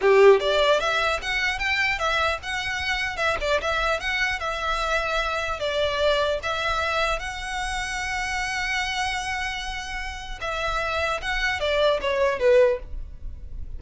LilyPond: \new Staff \with { instrumentName = "violin" } { \time 4/4 \tempo 4 = 150 g'4 d''4 e''4 fis''4 | g''4 e''4 fis''2 | e''8 d''8 e''4 fis''4 e''4~ | e''2 d''2 |
e''2 fis''2~ | fis''1~ | fis''2 e''2 | fis''4 d''4 cis''4 b'4 | }